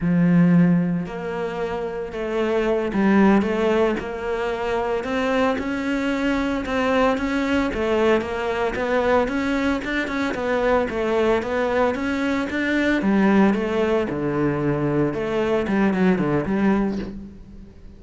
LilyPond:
\new Staff \with { instrumentName = "cello" } { \time 4/4 \tempo 4 = 113 f2 ais2 | a4. g4 a4 ais8~ | ais4. c'4 cis'4.~ | cis'8 c'4 cis'4 a4 ais8~ |
ais8 b4 cis'4 d'8 cis'8 b8~ | b8 a4 b4 cis'4 d'8~ | d'8 g4 a4 d4.~ | d8 a4 g8 fis8 d8 g4 | }